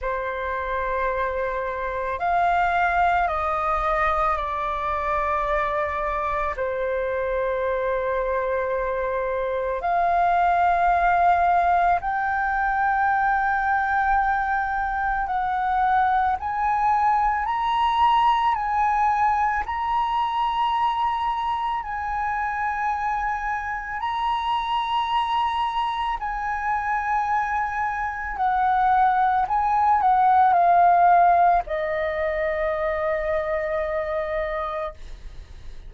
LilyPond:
\new Staff \with { instrumentName = "flute" } { \time 4/4 \tempo 4 = 55 c''2 f''4 dis''4 | d''2 c''2~ | c''4 f''2 g''4~ | g''2 fis''4 gis''4 |
ais''4 gis''4 ais''2 | gis''2 ais''2 | gis''2 fis''4 gis''8 fis''8 | f''4 dis''2. | }